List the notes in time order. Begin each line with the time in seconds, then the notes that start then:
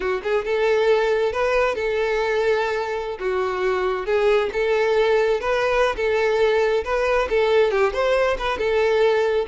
0.00 F#4
0.23 G#4
0.44 A4
1.32 B4
1.75 A4
3.19 F#4
4.06 G#4
4.52 A4
5.40 B4
5.95 A4
6.84 B4
7.29 A4
7.71 G4
7.93 C5
8.38 B4
8.58 A4